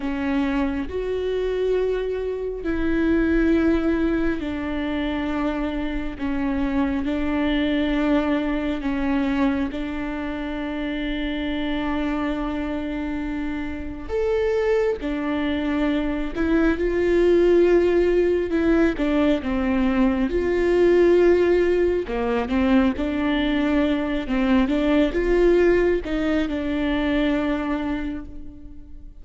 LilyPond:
\new Staff \with { instrumentName = "viola" } { \time 4/4 \tempo 4 = 68 cis'4 fis'2 e'4~ | e'4 d'2 cis'4 | d'2 cis'4 d'4~ | d'1 |
a'4 d'4. e'8 f'4~ | f'4 e'8 d'8 c'4 f'4~ | f'4 ais8 c'8 d'4. c'8 | d'8 f'4 dis'8 d'2 | }